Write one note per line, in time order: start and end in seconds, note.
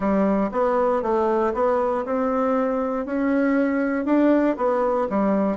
0.00 0.50 G3
0.51 1.02 B3
1.02 1.53 A3
1.54 2.05 B3
2.05 3.05 C4
3.05 4.05 C#4
4.05 4.56 D4
4.56 5.07 B3
5.09 5.57 G3